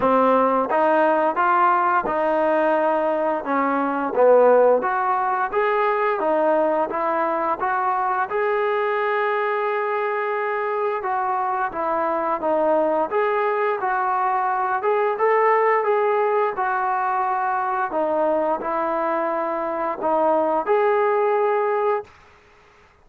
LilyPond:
\new Staff \with { instrumentName = "trombone" } { \time 4/4 \tempo 4 = 87 c'4 dis'4 f'4 dis'4~ | dis'4 cis'4 b4 fis'4 | gis'4 dis'4 e'4 fis'4 | gis'1 |
fis'4 e'4 dis'4 gis'4 | fis'4. gis'8 a'4 gis'4 | fis'2 dis'4 e'4~ | e'4 dis'4 gis'2 | }